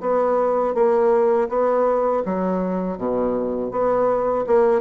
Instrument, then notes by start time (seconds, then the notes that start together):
bassoon
0.00 B3
0.74 A#3
1.49 B3
2.25 F#3
2.97 B2
3.71 B3
4.47 A#3